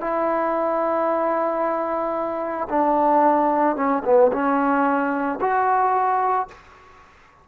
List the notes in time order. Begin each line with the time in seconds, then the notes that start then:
0.00 E4
2.69 D4
3.76 C#4
4.04 B3
4.32 C#4
5.41 F#4